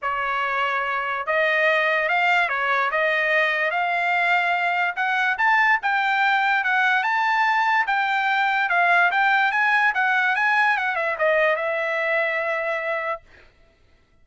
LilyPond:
\new Staff \with { instrumentName = "trumpet" } { \time 4/4 \tempo 4 = 145 cis''2. dis''4~ | dis''4 f''4 cis''4 dis''4~ | dis''4 f''2. | fis''4 a''4 g''2 |
fis''4 a''2 g''4~ | g''4 f''4 g''4 gis''4 | fis''4 gis''4 fis''8 e''8 dis''4 | e''1 | }